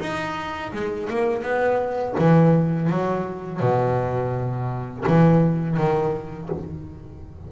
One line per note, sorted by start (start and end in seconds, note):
0.00 0.72 D#4
0.72 1.08 G#3
1.10 1.43 A#3
1.43 2.15 B3
2.19 2.90 E3
2.90 3.60 F#3
3.60 5.05 B2
5.07 5.77 E3
5.77 6.49 D#3